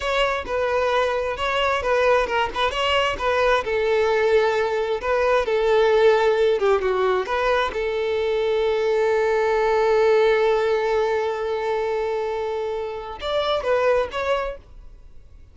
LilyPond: \new Staff \with { instrumentName = "violin" } { \time 4/4 \tempo 4 = 132 cis''4 b'2 cis''4 | b'4 ais'8 b'8 cis''4 b'4 | a'2. b'4 | a'2~ a'8 g'8 fis'4 |
b'4 a'2.~ | a'1~ | a'1~ | a'4 d''4 b'4 cis''4 | }